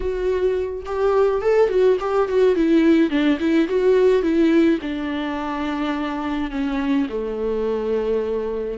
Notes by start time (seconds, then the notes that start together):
0.00 F#4
0.85 G4
1.42 A4
1.69 F#4
2.00 G4
2.28 F#4
2.55 E4
3.10 D4
3.39 E4
3.67 F#4
4.22 E4
4.81 D4
6.50 C#4
7.09 A3